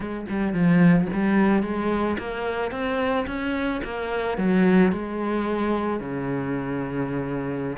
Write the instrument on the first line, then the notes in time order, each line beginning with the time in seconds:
cello
0.00 G#3
0.29 G3
0.53 F3
1.13 G3
1.62 G#3
2.18 A#3
2.71 C4
3.26 C#4
3.84 A#3
4.37 F#3
4.92 G#3
6.00 C#3